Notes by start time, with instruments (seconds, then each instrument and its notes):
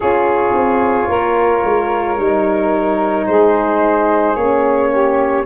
0.00 tuba C#4, horn F4, saxophone G#4, flute C#5
0.53 tuba C4
1.08 tuba A#3, saxophone A#4
1.63 tuba G#3
2.17 tuba G3, horn D#4
3.26 tuba G#3, saxophone G#4, flute C5
4.35 tuba A#3, horn C#4, flute C#5
4.90 saxophone G4